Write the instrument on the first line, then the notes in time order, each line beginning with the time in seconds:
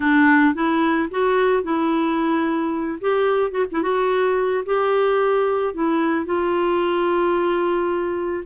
clarinet
0.00 D4
0.54 E4
1.10 F#4
1.63 E4
3.00 G4
3.51 F#4
3.71 E4
3.82 F#4
4.65 G4
5.74 E4
6.25 F4